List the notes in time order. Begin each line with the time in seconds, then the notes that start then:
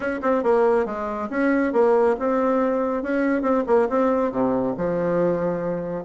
0.00 C#4
0.22 C4
0.43 A#3
0.85 G#3
1.30 C#4
1.73 A#3
2.19 C4
3.02 C#4
3.42 C4
3.66 A#3
3.89 C4
4.31 C3
4.77 F3